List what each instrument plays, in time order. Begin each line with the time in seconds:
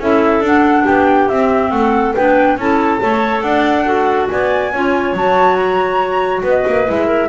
0.00 double bass C#4, clarinet E4 A4, flute E5
0.41 double bass D4, clarinet D4, flute F#5
0.85 double bass B3, clarinet G4, flute G5
1.29 clarinet C4, double bass C4, flute E5
1.72 double bass A3, clarinet A4, flute F#5
2.16 double bass B3, clarinet D4 B4, flute G5
2.57 double bass C#4, clarinet E4 A4, flute A5
3.00 double bass A3, clarinet A4 C#5
3.42 double bass D4, clarinet D5, flute F#5
3.85 clarinet F#4 A4
4.30 double bass B3, clarinet D5, flute G#5
4.74 double bass C#4, clarinet F4 C#5
5.13 double bass F#3, clarinet F#4, flute A5
5.56 flute A#5
6.43 double bass B3, clarinet B4
6.49 flute D#5
6.67 double bass A#3
6.87 double bass G#3, clarinet E4, flute E5
7.07 clarinet A#4